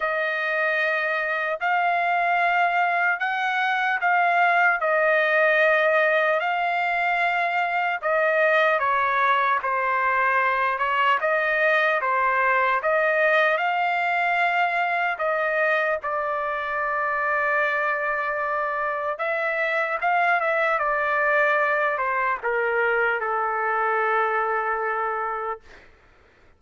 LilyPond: \new Staff \with { instrumentName = "trumpet" } { \time 4/4 \tempo 4 = 75 dis''2 f''2 | fis''4 f''4 dis''2 | f''2 dis''4 cis''4 | c''4. cis''8 dis''4 c''4 |
dis''4 f''2 dis''4 | d''1 | e''4 f''8 e''8 d''4. c''8 | ais'4 a'2. | }